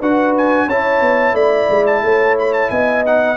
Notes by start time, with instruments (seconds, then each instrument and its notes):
0.00 tuba D4, trombone F#4, horn B4, trumpet F#5
0.38 trumpet G#5
0.67 tuba C#4, trombone E4, horn C#5, trumpet A5
1.01 tuba B3
1.34 tuba A3, horn D5, trumpet B5
1.70 tuba G#3
1.87 trumpet A5
2.03 tuba A3, horn C#5
2.39 trumpet B5
2.54 trumpet A5
2.71 tuba B3, horn D#5, trumpet G#5
3.06 trombone D#4, trumpet F#5